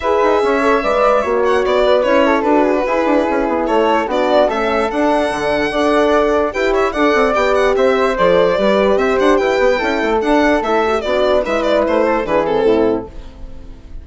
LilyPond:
<<
  \new Staff \with { instrumentName = "violin" } { \time 4/4 \tempo 4 = 147 e''2.~ e''8 fis''8 | d''4 cis''4 b'2~ | b'4 cis''4 d''4 e''4 | fis''1 |
g''8 e''8 fis''4 g''8 fis''8 e''4 | d''2 e''8 fis''8 g''4~ | g''4 fis''4 e''4 d''4 | e''8 d''8 c''4 b'8 a'4. | }
  \new Staff \with { instrumentName = "flute" } { \time 4/4 b'4 cis''4 d''4 cis''4~ | cis''8 b'4 a'4 gis'16 fis'16 gis'4~ | gis'4 a'4 fis'4 a'4~ | a'2 d''2 |
b'8 cis''8 d''2 c''4~ | c''4 b'4 c''4 b'4 | a'2. d'4 | b'4. a'8 gis'4 e'4 | }
  \new Staff \with { instrumentName = "horn" } { \time 4/4 gis'4. a'8 b'4 fis'4~ | fis'4 e'4 fis'4 e'4~ | e'2 d'4 cis'4 | d'2 a'2 |
g'4 a'4 g'2 | a'4 g'2. | e'4 d'4 e'8 fis'16 g'16 fis'4 | e'2 d'8 c'4. | }
  \new Staff \with { instrumentName = "bassoon" } { \time 4/4 e'8 dis'8 cis'4 gis4 ais4 | b4 cis'4 d'4 e'8 d'8 | cis'8 b8 a4 b4 a4 | d'4 d4 d'2 |
e'4 d'8 c'8 b4 c'4 | f4 g4 c'8 d'8 e'8 b8 | cis'8 a8 d'4 a4 b4 | gis4 a4 e4 a,4 | }
>>